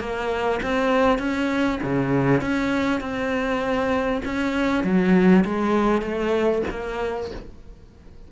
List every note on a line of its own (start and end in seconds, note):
0.00 0.61 A#3
0.63 1.19 C4
1.19 1.80 C#4
1.83 2.41 C#3
2.41 3.01 C#4
3.01 4.23 C4
4.26 4.84 C#4
4.84 5.45 F#3
5.45 6.02 G#3
6.02 6.63 A3
6.71 7.32 A#3